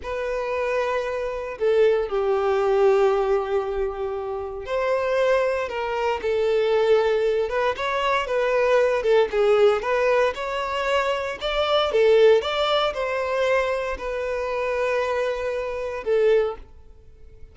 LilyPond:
\new Staff \with { instrumentName = "violin" } { \time 4/4 \tempo 4 = 116 b'2. a'4 | g'1~ | g'4 c''2 ais'4 | a'2~ a'8 b'8 cis''4 |
b'4. a'8 gis'4 b'4 | cis''2 d''4 a'4 | d''4 c''2 b'4~ | b'2. a'4 | }